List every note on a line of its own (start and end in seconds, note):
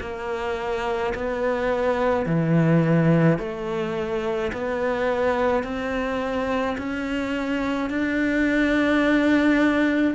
0.00 1.13 A#3
1.14 2.25 B3
2.25 3.39 E3
3.39 4.52 A3
4.52 5.63 B3
5.63 6.77 C4
6.78 7.89 C#4
7.89 10.14 D4